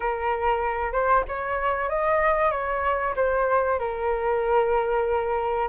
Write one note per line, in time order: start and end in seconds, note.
0.00 0.92 A#4
0.92 1.23 C5
1.27 1.89 C#5
1.89 2.51 D#5
2.51 3.14 C#5
3.16 3.79 C5
3.79 5.68 A#4